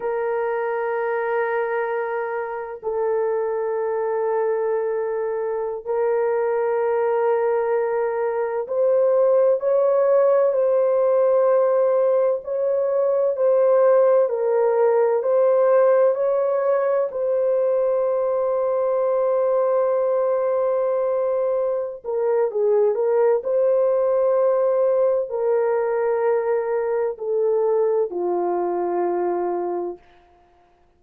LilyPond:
\new Staff \with { instrumentName = "horn" } { \time 4/4 \tempo 4 = 64 ais'2. a'4~ | a'2~ a'16 ais'4.~ ais'16~ | ais'4~ ais'16 c''4 cis''4 c''8.~ | c''4~ c''16 cis''4 c''4 ais'8.~ |
ais'16 c''4 cis''4 c''4.~ c''16~ | c''2.~ c''8 ais'8 | gis'8 ais'8 c''2 ais'4~ | ais'4 a'4 f'2 | }